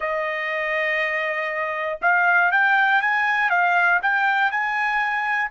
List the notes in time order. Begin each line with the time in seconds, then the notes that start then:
0.00 D#5
2.01 F5
2.51 G5
3.01 G#5
3.50 F5
4.02 G5
4.51 G#5